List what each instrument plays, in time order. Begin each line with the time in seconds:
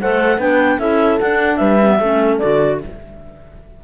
0.00 cello A3, clarinet A4 F#5, horn C5
0.38 cello B3, clarinet D4 G5, horn B4
0.79 cello C#4, clarinet E4 E5, horn A4
1.19 clarinet D4 F#5, cello D4
1.56 cello G3, horn B4, clarinet E5
1.81 clarinet C#4
1.88 clarinet B3
1.99 cello A3, clarinet C#4, horn A4
2.38 cello D3, clarinet F#4 D5